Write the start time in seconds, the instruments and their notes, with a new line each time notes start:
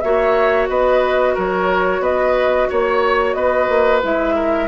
0.00 bassoon A#3, clarinet F#4, oboe C#5, flute E5
0.68 bassoon B3, oboe B4, flute D#5
1.34 bassoon F#3, oboe A#4, flute C#5
2.00 bassoon B3, oboe B4, flute D#5
2.70 bassoon A#3, oboe C#5, flute C#5
3.33 bassoon B3, oboe B4, flute D#5
3.69 bassoon A#3
4.03 bassoon G#3, clarinet E4, flute E5
4.36 oboe A#4